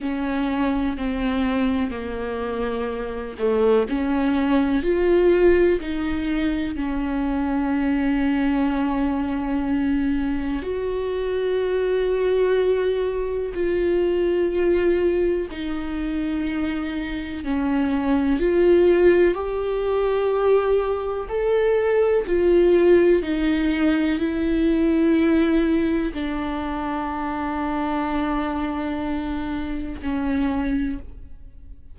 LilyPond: \new Staff \with { instrumentName = "viola" } { \time 4/4 \tempo 4 = 62 cis'4 c'4 ais4. a8 | cis'4 f'4 dis'4 cis'4~ | cis'2. fis'4~ | fis'2 f'2 |
dis'2 cis'4 f'4 | g'2 a'4 f'4 | dis'4 e'2 d'4~ | d'2. cis'4 | }